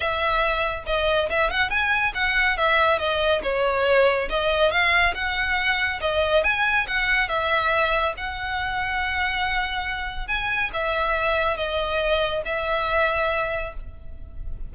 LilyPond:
\new Staff \with { instrumentName = "violin" } { \time 4/4 \tempo 4 = 140 e''2 dis''4 e''8 fis''8 | gis''4 fis''4 e''4 dis''4 | cis''2 dis''4 f''4 | fis''2 dis''4 gis''4 |
fis''4 e''2 fis''4~ | fis''1 | gis''4 e''2 dis''4~ | dis''4 e''2. | }